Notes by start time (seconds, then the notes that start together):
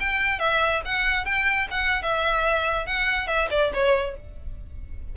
0.00 G5
0.39 E5
0.85 F#5
1.25 G5
1.70 F#5
2.02 E5
2.86 F#5
3.27 E5
3.50 D5
3.74 C#5